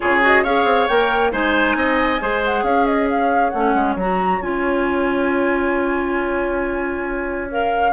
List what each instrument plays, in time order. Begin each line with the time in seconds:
0.00 bassoon C#3, clarinet F4, oboe G#4, flute C#5
0.22 clarinet F#4, flute D#5
0.43 bassoon C#4, clarinet G#4, oboe C#5, flute F5
0.64 bassoon C4
0.87 bassoon A#3, clarinet A#4, flute G5
1.31 bassoon G#3, clarinet D#4, oboe C5, flute G#5
1.75 bassoon C4, oboe D#5
2.20 bassoon G#3, clarinet G#4, oboe C5
2.44 flute F#5
2.62 bassoon C#4, oboe C#5, flute F5
2.86 flute D#5
3.09 flute F5
3.49 bassoon A3, clarinet C#4, flute F#5
3.74 bassoon G#3
3.95 bassoon F#3, clarinet F#4, flute A#5
4.41 bassoon C#4, clarinet F4, flute G#5
7.50 clarinet A#4, flute F5